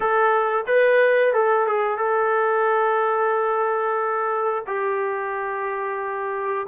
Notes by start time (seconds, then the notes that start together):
0.00 A4
0.67 B4
1.33 A4
1.66 G#4
1.97 A4
4.67 G4